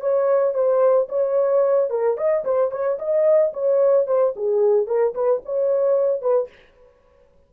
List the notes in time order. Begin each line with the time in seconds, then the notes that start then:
0.00 C#5
0.54 C5
1.09 C#5
1.90 A#4
2.17 D#5
2.44 C5
2.71 C#5
2.99 D#5
3.53 C#5
4.07 C5
4.36 G#4
4.87 A#4
5.14 B4
5.45 C#5
6.21 B4